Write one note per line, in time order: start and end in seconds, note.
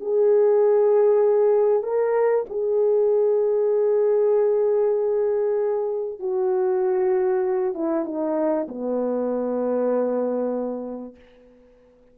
0.00 1.83 G#4
1.83 2.45 A#4
2.49 6.20 G#4
6.20 7.74 F#4
7.74 8.05 E4
8.05 8.67 D#4
8.68 11.15 B3